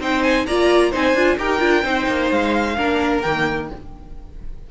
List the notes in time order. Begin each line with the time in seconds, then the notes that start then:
0.00 C4 D#4 C5 G5
0.23 G#5
0.46 A#3 F4 D5 A#5
0.91 C4 D#4 C5 G#5
1.15 D4 F4
1.38 D#4 G4 A#4 G5
1.60 D4 F4
1.83 C4 D#4 C5
2.08 A#3
2.31 G#3 F5
2.77 A#3 D4 A#4
3.21 D#3 A#3 G5